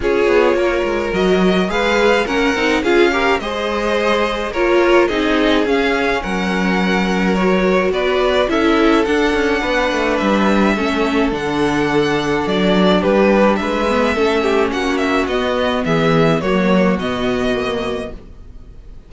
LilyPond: <<
  \new Staff \with { instrumentName = "violin" } { \time 4/4 \tempo 4 = 106 cis''2 dis''4 f''4 | fis''4 f''4 dis''2 | cis''4 dis''4 f''4 fis''4~ | fis''4 cis''4 d''4 e''4 |
fis''2 e''2 | fis''2 d''4 b'4 | e''2 fis''8 e''8 dis''4 | e''4 cis''4 dis''2 | }
  \new Staff \with { instrumentName = "violin" } { \time 4/4 gis'4 ais'2 b'4 | ais'4 gis'8 ais'8 c''2 | ais'4 gis'2 ais'4~ | ais'2 b'4 a'4~ |
a'4 b'2 a'4~ | a'2. g'4 | b'4 a'8 g'8 fis'2 | gis'4 fis'2. | }
  \new Staff \with { instrumentName = "viola" } { \time 4/4 f'2 fis'4 gis'4 | cis'8 dis'8 f'8 g'8 gis'2 | f'4 dis'4 cis'2~ | cis'4 fis'2 e'4 |
d'2. cis'4 | d'1~ | d'8 b8 cis'2 b4~ | b4 ais4 b4 ais4 | }
  \new Staff \with { instrumentName = "cello" } { \time 4/4 cis'8 b8 ais8 gis8 fis4 gis4 | ais8 c'8 cis'4 gis2 | ais4 c'4 cis'4 fis4~ | fis2 b4 cis'4 |
d'8 cis'8 b8 a8 g4 a4 | d2 fis4 g4 | gis4 a4 ais4 b4 | e4 fis4 b,2 | }
>>